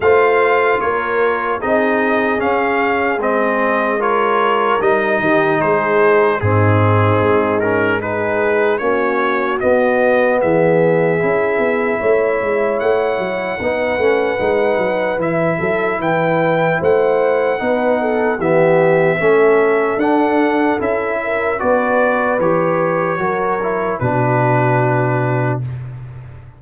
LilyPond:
<<
  \new Staff \with { instrumentName = "trumpet" } { \time 4/4 \tempo 4 = 75 f''4 cis''4 dis''4 f''4 | dis''4 cis''4 dis''4 c''4 | gis'4. ais'8 b'4 cis''4 | dis''4 e''2. |
fis''2. e''4 | g''4 fis''2 e''4~ | e''4 fis''4 e''4 d''4 | cis''2 b'2 | }
  \new Staff \with { instrumentName = "horn" } { \time 4/4 c''4 ais'4 gis'2~ | gis'4 ais'4. g'8 gis'4 | dis'2 gis'4 fis'4~ | fis'4 gis'2 cis''4~ |
cis''4 b'2~ b'8 a'8 | b'4 c''4 b'8 a'8 g'4 | a'2~ a'8 ais'8 b'4~ | b'4 ais'4 fis'2 | }
  \new Staff \with { instrumentName = "trombone" } { \time 4/4 f'2 dis'4 cis'4 | c'4 f'4 dis'2 | c'4. cis'8 dis'4 cis'4 | b2 e'2~ |
e'4 dis'8 cis'8 dis'4 e'4~ | e'2 dis'4 b4 | cis'4 d'4 e'4 fis'4 | g'4 fis'8 e'8 d'2 | }
  \new Staff \with { instrumentName = "tuba" } { \time 4/4 a4 ais4 c'4 cis'4 | gis2 g8 dis8 gis4 | gis,4 gis2 ais4 | b4 e4 cis'8 b8 a8 gis8 |
a8 fis8 b8 a8 gis8 fis8 e8 fis8 | e4 a4 b4 e4 | a4 d'4 cis'4 b4 | e4 fis4 b,2 | }
>>